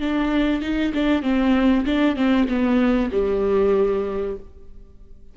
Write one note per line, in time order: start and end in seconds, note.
0.00 0.62 D4
0.62 0.93 D#4
0.94 1.22 D4
1.22 1.85 C4
1.86 2.16 D4
2.16 2.47 C4
2.48 3.11 B3
3.11 4.36 G3